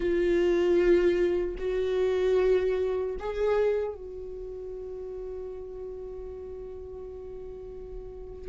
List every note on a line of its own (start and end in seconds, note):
0.00 1.55 F4
1.58 3.16 F#4
3.19 3.94 G#4
3.94 8.48 F#4